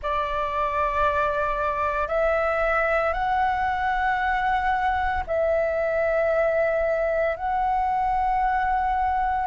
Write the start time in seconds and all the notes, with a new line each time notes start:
0.02 D5
2.08 E5
3.13 F#5
5.26 E5
7.36 F#5